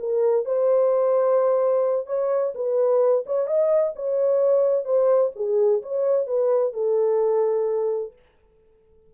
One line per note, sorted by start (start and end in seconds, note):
0.00 0.46 A#4
0.46 2.07 C5
2.07 2.53 C#5
2.55 3.25 B4
3.26 3.47 C#5
3.47 3.94 D#5
3.96 4.85 C#5
4.85 5.31 C5
5.36 5.82 G#4
5.83 6.27 C#5
6.27 6.74 B4
6.74 8.13 A4